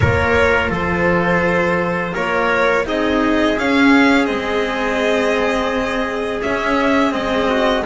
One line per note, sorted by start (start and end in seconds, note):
0.00 0.70 A#3
0.00 2.85 F4
0.00 0.70 A#4
0.00 0.71 C#5
0.70 2.13 F3
0.70 2.13 A4
0.70 2.14 C5
2.13 2.85 A#3
2.13 2.85 A#4
2.13 2.85 C#5
2.85 3.57 C4
2.85 3.56 D#4
2.85 7.49 G#4
2.85 3.58 D#5
3.58 4.26 C#4
3.58 4.29 C#4
3.58 4.25 F5
4.25 6.43 G#3
4.25 6.40 C4
4.25 6.40 D#5
6.42 7.11 C#4
6.42 7.14 C#4
6.42 7.12 E5
7.11 7.85 G#3
7.11 7.82 C4
7.11 7.84 D#5
7.49 7.84 F#4